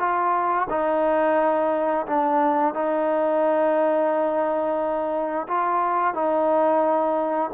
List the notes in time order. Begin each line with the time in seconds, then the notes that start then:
0.00 F4
0.70 D#4
2.07 D4
2.75 D#4
5.48 F4
6.15 D#4